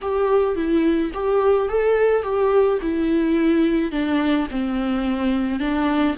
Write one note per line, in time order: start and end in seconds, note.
0.01 0.55 G4
0.55 1.11 E4
1.13 1.68 G4
1.68 2.22 A4
2.22 2.78 G4
2.81 3.91 E4
3.91 4.47 D4
4.51 5.59 C4
5.59 6.15 D4